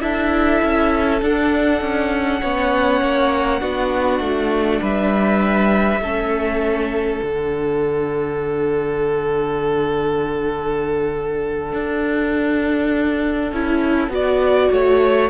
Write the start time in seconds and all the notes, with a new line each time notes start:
0.00 D4 E4 A4 E5
0.62 C#4
1.22 D4 F#5
1.81 C#4
2.41 B3 C#4 C#5
3.01 A#3
3.60 B3 D4 F#4
4.20 A3
4.81 G3 B4 E5
6.00 A3 C#4 A4
7.22 D3 D4 F#5
11.72 D4
13.52 C#4 E4
14.08 B3 F#4 D5
14.71 A3 C#5